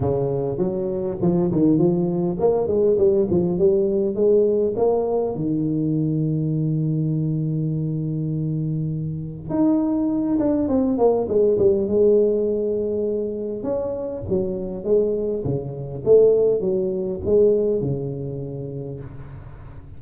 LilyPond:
\new Staff \with { instrumentName = "tuba" } { \time 4/4 \tempo 4 = 101 cis4 fis4 f8 dis8 f4 | ais8 gis8 g8 f8 g4 gis4 | ais4 dis2.~ | dis1 |
dis'4. d'8 c'8 ais8 gis8 g8 | gis2. cis'4 | fis4 gis4 cis4 a4 | fis4 gis4 cis2 | }